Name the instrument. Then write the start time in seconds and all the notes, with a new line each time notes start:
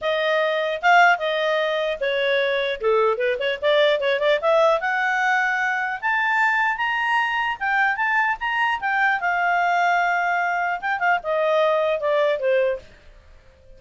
clarinet
0.01 D#5
0.81 F5
1.18 D#5
2.00 C#5
2.81 A4
3.17 B4
3.39 C#5
3.61 D5
4.00 C#5
4.19 D5
4.41 E5
4.80 F#5
6.01 A5
6.77 A#5
7.59 G5
7.96 A5
8.39 A#5
8.80 G5
9.20 F5
10.80 G5
10.99 F5
11.23 D#5
12.00 D5
12.39 C5